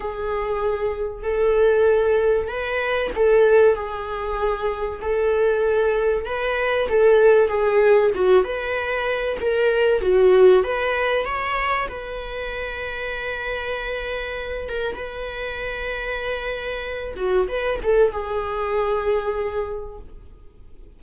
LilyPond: \new Staff \with { instrumentName = "viola" } { \time 4/4 \tempo 4 = 96 gis'2 a'2 | b'4 a'4 gis'2 | a'2 b'4 a'4 | gis'4 fis'8 b'4. ais'4 |
fis'4 b'4 cis''4 b'4~ | b'2.~ b'8 ais'8 | b'2.~ b'8 fis'8 | b'8 a'8 gis'2. | }